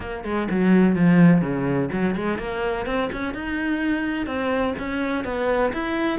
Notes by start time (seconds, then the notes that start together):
0.00 A#3
0.24 G#3
0.50 F#3
0.95 F3
1.41 C#3
1.92 F#3
2.15 G#3
2.38 A#3
2.85 C4
3.12 C#4
3.33 D#4
4.26 C4
4.78 C#4
5.24 B3
5.73 E4